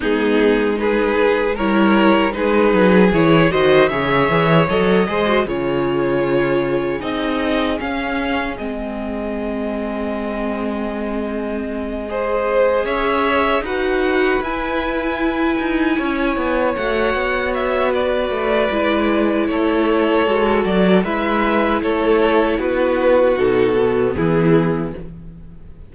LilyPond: <<
  \new Staff \with { instrumentName = "violin" } { \time 4/4 \tempo 4 = 77 gis'4 b'4 cis''4 b'4 | cis''8 dis''8 e''4 dis''4 cis''4~ | cis''4 dis''4 f''4 dis''4~ | dis''1~ |
dis''8 e''4 fis''4 gis''4.~ | gis''4. fis''4 e''8 d''4~ | d''4 cis''4. d''8 e''4 | cis''4 b'4 a'4 gis'4 | }
  \new Staff \with { instrumentName = "violin" } { \time 4/4 dis'4 gis'4 ais'4 gis'4~ | gis'8 c''8 cis''4. c''8 gis'4~ | gis'1~ | gis'2.~ gis'8 c''8~ |
c''8 cis''4 b'2~ b'8~ | b'8 cis''2~ cis''8 b'4~ | b'4 a'2 b'4 | a'4 fis'2 e'4 | }
  \new Staff \with { instrumentName = "viola" } { \time 4/4 b4 dis'4 e'4 dis'4 | e'8 fis'8 gis'4 a'8 gis'16 fis'16 f'4~ | f'4 dis'4 cis'4 c'4~ | c'2.~ c'8 gis'8~ |
gis'4. fis'4 e'4.~ | e'4. fis'2~ fis'8 | e'2 fis'4 e'4~ | e'2 dis'8 b4. | }
  \new Staff \with { instrumentName = "cello" } { \time 4/4 gis2 g4 gis8 fis8 | e8 dis8 cis8 e8 fis8 gis8 cis4~ | cis4 c'4 cis'4 gis4~ | gis1~ |
gis8 cis'4 dis'4 e'4. | dis'8 cis'8 b8 a8 b4. a8 | gis4 a4 gis8 fis8 gis4 | a4 b4 b,4 e4 | }
>>